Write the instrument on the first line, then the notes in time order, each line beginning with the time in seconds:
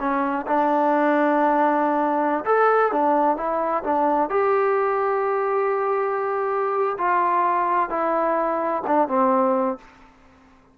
trombone
0.00 C#4
0.47 D4
2.46 A4
2.92 D4
3.37 E4
3.84 D4
4.30 G4
6.98 F4
7.90 E4
8.87 D4
9.08 C4